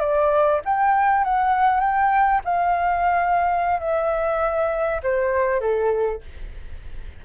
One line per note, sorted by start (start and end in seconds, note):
0.00 0.61 D5
0.65 1.24 G5
1.24 1.80 F#5
1.80 2.41 G5
2.45 3.80 F5
3.80 5.01 E5
5.03 5.60 C5
5.60 6.21 A4